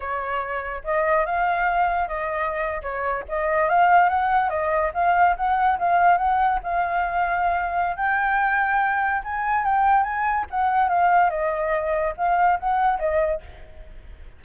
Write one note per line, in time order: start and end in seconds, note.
0.00 0.83 C#5
0.84 1.25 D#5
1.25 2.08 F5
2.08 2.81 D#5
2.82 3.23 C#5
3.28 3.69 D#5
3.69 4.09 F5
4.09 4.49 F#5
4.49 4.91 D#5
4.94 5.36 F5
5.36 5.78 F#5
5.79 6.17 F5
6.17 6.59 F#5
6.63 7.96 F5
7.96 9.22 G5
9.24 9.64 G#5
9.64 10.03 G5
10.03 10.45 G#5
10.50 10.88 F#5
10.88 11.30 F5
11.30 12.14 D#5
12.17 12.59 F5
12.59 12.99 F#5
12.99 13.41 D#5